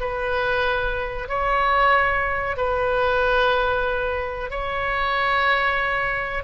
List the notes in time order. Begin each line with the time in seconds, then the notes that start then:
0.00 B4
1.28 C#5
2.57 B4
4.50 C#5